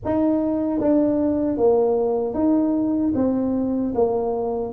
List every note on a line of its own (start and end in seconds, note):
0.04 0.80 D#4
0.80 1.57 D4
1.57 2.34 A#3
2.34 3.13 D#4
3.14 3.93 C4
3.95 4.73 A#3